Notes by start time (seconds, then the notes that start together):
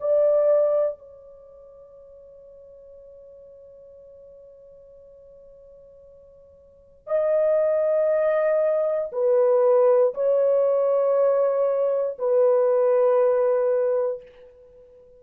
0.00 D5
0.98 C#5
7.07 D#5
9.12 B4
10.14 C#5
12.18 B4